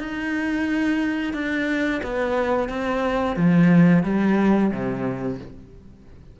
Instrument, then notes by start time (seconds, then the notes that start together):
cello
0.00 D#4
1.34 D4
2.03 B3
2.69 C4
3.36 F3
4.04 G3
4.71 C3